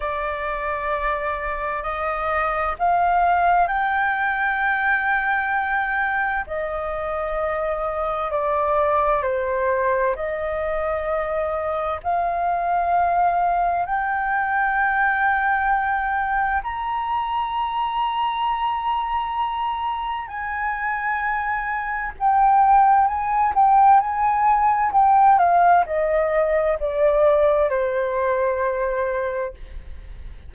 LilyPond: \new Staff \with { instrumentName = "flute" } { \time 4/4 \tempo 4 = 65 d''2 dis''4 f''4 | g''2. dis''4~ | dis''4 d''4 c''4 dis''4~ | dis''4 f''2 g''4~ |
g''2 ais''2~ | ais''2 gis''2 | g''4 gis''8 g''8 gis''4 g''8 f''8 | dis''4 d''4 c''2 | }